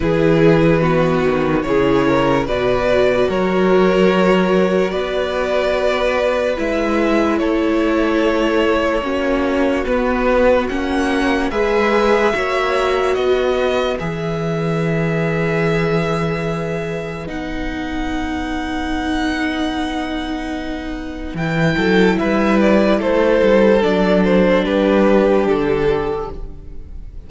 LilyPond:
<<
  \new Staff \with { instrumentName = "violin" } { \time 4/4 \tempo 4 = 73 b'2 cis''4 d''4 | cis''2 d''2 | e''4 cis''2. | b'4 fis''4 e''2 |
dis''4 e''2.~ | e''4 fis''2.~ | fis''2 g''4 e''8 d''8 | c''4 d''8 c''8 b'4 a'4 | }
  \new Staff \with { instrumentName = "violin" } { \time 4/4 gis'4 fis'4 gis'8 ais'8 b'4 | ais'2 b'2~ | b'4 a'2 fis'4~ | fis'2 b'4 cis''4 |
b'1~ | b'1~ | b'2~ b'8 a'8 b'4 | a'2 g'2 | }
  \new Staff \with { instrumentName = "viola" } { \time 4/4 e'4 b4 e'4 fis'4~ | fis'1 | e'2. cis'4 | b4 cis'4 gis'4 fis'4~ |
fis'4 gis'2.~ | gis'4 dis'2.~ | dis'2 e'2~ | e'4 d'2. | }
  \new Staff \with { instrumentName = "cello" } { \time 4/4 e4. dis8 cis4 b,4 | fis2 b2 | gis4 a2 ais4 | b4 ais4 gis4 ais4 |
b4 e2.~ | e4 b2.~ | b2 e8 fis8 g4 | a8 g8 fis4 g4 d4 | }
>>